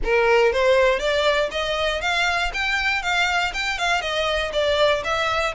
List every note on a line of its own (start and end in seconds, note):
0.04 0.52 A#4
0.52 0.99 C5
0.99 1.49 D5
1.51 2.01 D#5
2.01 2.51 F5
2.53 3.02 G5
3.02 3.52 F5
3.53 3.78 G5
3.78 4.01 F5
4.01 4.51 D#5
4.52 5.03 D5
5.04 5.54 E5